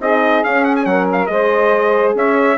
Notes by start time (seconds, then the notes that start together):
0.00 C4 D#4 G#4 D#5
0.44 C#4 F5
0.64 F#5
0.76 G#5
0.85 F#3 A#4 F#5
1.12 F5
1.26 G#3 G#4 C5 D#5
2.14 C#4 C#5 E5